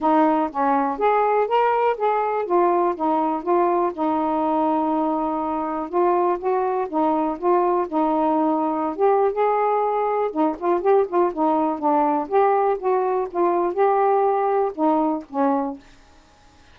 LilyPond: \new Staff \with { instrumentName = "saxophone" } { \time 4/4 \tempo 4 = 122 dis'4 cis'4 gis'4 ais'4 | gis'4 f'4 dis'4 f'4 | dis'1 | f'4 fis'4 dis'4 f'4 |
dis'2~ dis'16 g'8. gis'4~ | gis'4 dis'8 f'8 g'8 f'8 dis'4 | d'4 g'4 fis'4 f'4 | g'2 dis'4 cis'4 | }